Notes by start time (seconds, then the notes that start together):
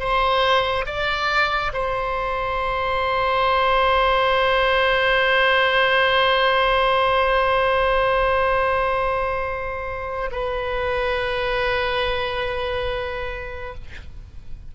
0.00 C5
0.86 D5
1.74 C5
10.32 B4